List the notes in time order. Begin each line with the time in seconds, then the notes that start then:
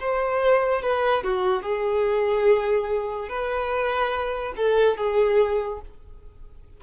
0.00 C5
0.82 B4
1.23 F#4
1.62 G#4
3.29 B4
4.56 A4
4.97 G#4